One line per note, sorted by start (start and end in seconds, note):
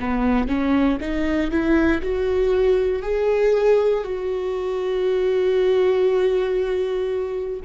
0.00 0.48 B3
0.48 0.99 C#4
1.01 1.51 D#4
1.51 2.02 E4
2.02 3.03 F#4
3.03 4.04 G#4
4.04 7.60 F#4